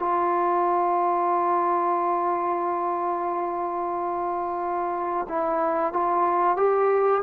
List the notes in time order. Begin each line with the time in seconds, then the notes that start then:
0.00 F4
5.29 E4
5.94 F4
6.57 G4